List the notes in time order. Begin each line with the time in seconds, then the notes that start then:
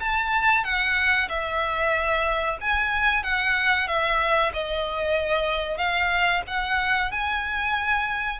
0.00 A5
0.64 F#5
1.29 E5
2.61 G#5
3.23 F#5
3.87 E5
4.53 D#5
5.77 F5
6.47 F#5
7.11 G#5